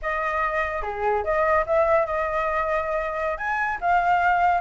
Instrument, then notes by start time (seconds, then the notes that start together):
flute
0.01 D#5
0.82 G#4
1.24 D#5
1.66 E5
2.06 D#5
3.37 G#5
3.81 F5